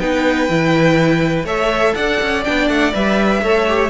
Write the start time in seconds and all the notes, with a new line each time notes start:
0.00 B3 D#4 B4 G5
0.49 E3 E4
1.44 A3 A4 C#5 E5
1.95 D4 D5 F#5
2.22 C#4
2.45 B3 D4 G5
2.69 A3 F#5
2.94 G3 B4 E5
3.42 A3 A4 C#5
3.69 G4